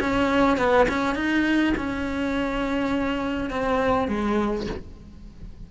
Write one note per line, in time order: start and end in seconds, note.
0.00 0.57 C#4
0.57 0.87 B3
0.89 1.15 C#4
1.15 1.74 D#4
1.77 3.50 C#4
3.50 4.08 C4
4.08 4.67 G#3